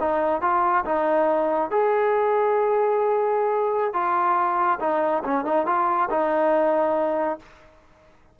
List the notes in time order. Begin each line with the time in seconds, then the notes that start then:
0.00 D#4
0.42 F4
0.86 D#4
1.71 G#4
3.94 F4
4.80 D#4
5.24 C#4
5.45 D#4
5.66 F4
6.11 D#4